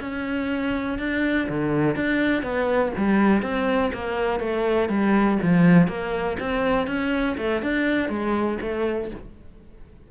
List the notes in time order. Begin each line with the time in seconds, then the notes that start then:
0.00 C#4
0.99 D4
1.49 D3
1.96 D4
2.43 B3
2.97 G3
3.42 C4
3.93 A#3
4.40 A3
4.89 G3
5.43 F3
5.87 A#3
6.40 C4
6.87 C#4
7.37 A3
7.62 D4
8.09 G#3
8.61 A3